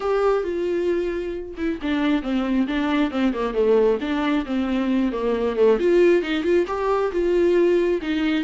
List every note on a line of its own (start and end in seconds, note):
0.00 0.43 G4
0.43 1.54 F4
1.57 1.79 E4
1.81 2.22 D4
2.22 2.66 C4
2.67 3.10 D4
3.10 3.33 C4
3.33 3.54 A#3
3.54 3.98 A3
4.00 4.45 D4
4.45 5.12 C4
5.12 5.56 A#3
5.56 5.78 A3
5.79 6.22 F4
6.22 6.43 D#4
6.43 6.65 F4
6.67 7.11 G4
7.12 8.01 F4
8.01 8.44 D#4